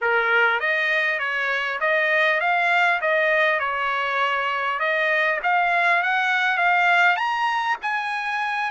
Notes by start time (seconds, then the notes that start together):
0.01 A#4
0.60 D#5
1.19 C#5
1.80 D#5
2.40 F5
3.01 D#5
3.59 C#5
4.79 D#5
5.43 F5
6.02 F#5
6.57 F5
7.16 A#5
7.82 G#5